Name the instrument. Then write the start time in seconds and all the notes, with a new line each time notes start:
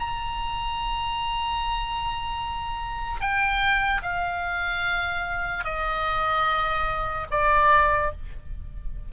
oboe
0.00 A#5
3.21 G5
4.03 F5
5.65 D#5
7.31 D5